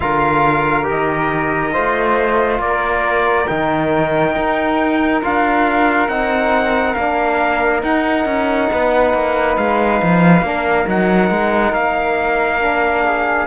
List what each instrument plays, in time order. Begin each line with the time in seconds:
0.00 cello D3, trombone F4, flute A#4, trumpet F5
0.83 trombone G4
0.89 cello D#3, trumpet D#5
1.72 cello A3, trombone F4, flute C5
2.58 cello A#3, flute A#4, trumpet D5
3.47 cello D#3, trombone D#4, trumpet G5
4.36 cello D#4
5.22 cello D4, trombone F4, trumpet F5
6.07 cello C4, trombone D#4, trumpet F#5
6.94 cello A#3, trombone D4, trumpet F5
7.82 cello D#4, trombone D#4, trumpet F#5
8.25 cello C#4
8.71 cello B3, flute B4
9.13 cello A#3
9.57 cello G#3, trumpet F5
10.02 cello F3
10.41 cello A#3, trombone D4, flute A#4
10.86 cello F#3, trombone D#4, trumpet F#5
11.30 cello G#3
11.72 cello A#3, trumpet F5
12.60 trombone D4
13.04 flute G#4